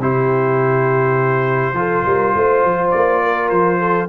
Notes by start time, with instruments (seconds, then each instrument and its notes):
0.00 tuba C3, trombone E4, horn G4, trumpet C5
1.74 tuba F3, trombone F4, horn A4
2.06 tuba G3, horn A#4
2.36 tuba A3, horn C5
2.64 tuba F3
2.91 tuba A#3, trumpet D5
3.23 horn A#4
3.50 tuba F3, trumpet C5
3.79 horn A4